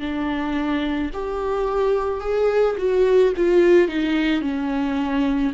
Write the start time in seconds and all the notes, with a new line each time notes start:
0.00 D4
1.14 G4
2.21 G#4
2.78 F#4
3.37 F4
3.88 D#4
4.42 C#4